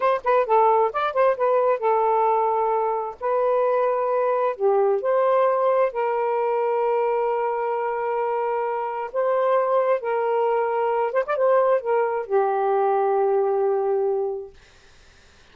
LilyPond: \new Staff \with { instrumentName = "saxophone" } { \time 4/4 \tempo 4 = 132 c''8 b'8 a'4 d''8 c''8 b'4 | a'2. b'4~ | b'2 g'4 c''4~ | c''4 ais'2.~ |
ais'1 | c''2 ais'2~ | ais'8 c''16 d''16 c''4 ais'4 g'4~ | g'1 | }